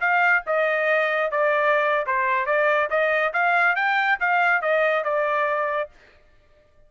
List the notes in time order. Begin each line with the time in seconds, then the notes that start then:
0.00 F5
0.46 D#5
1.31 D5
2.06 C5
2.46 D5
2.89 D#5
3.33 F5
3.75 G5
4.20 F5
4.61 D#5
5.04 D5